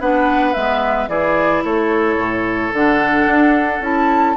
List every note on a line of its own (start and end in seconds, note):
0.00 0.55 B3
0.00 0.54 D4
0.00 1.09 B4
0.00 0.53 F#5
0.53 1.08 G#3
0.53 1.09 B3
0.53 1.08 E5
1.08 1.62 E3
1.08 2.72 E4
1.08 1.64 G#4
1.08 1.63 D5
1.64 2.17 A3
1.64 4.37 A4
1.64 2.74 C#5
2.17 2.71 A2
2.73 3.27 D3
2.73 3.82 D4
2.73 3.83 F#5
3.27 3.80 D4
3.80 4.35 C#4
3.80 4.36 E4
3.80 4.37 A5